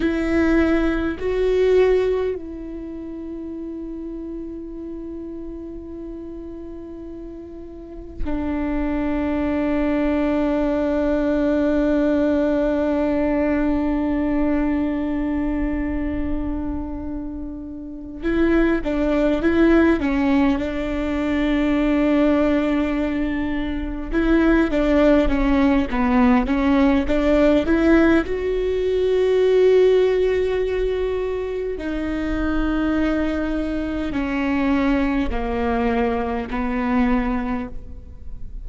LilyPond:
\new Staff \with { instrumentName = "viola" } { \time 4/4 \tempo 4 = 51 e'4 fis'4 e'2~ | e'2. d'4~ | d'1~ | d'2.~ d'8 e'8 |
d'8 e'8 cis'8 d'2~ d'8~ | d'8 e'8 d'8 cis'8 b8 cis'8 d'8 e'8 | fis'2. dis'4~ | dis'4 cis'4 ais4 b4 | }